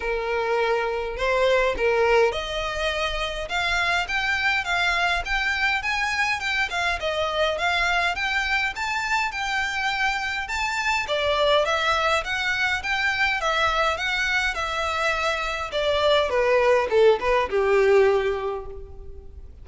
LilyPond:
\new Staff \with { instrumentName = "violin" } { \time 4/4 \tempo 4 = 103 ais'2 c''4 ais'4 | dis''2 f''4 g''4 | f''4 g''4 gis''4 g''8 f''8 | dis''4 f''4 g''4 a''4 |
g''2 a''4 d''4 | e''4 fis''4 g''4 e''4 | fis''4 e''2 d''4 | b'4 a'8 b'8 g'2 | }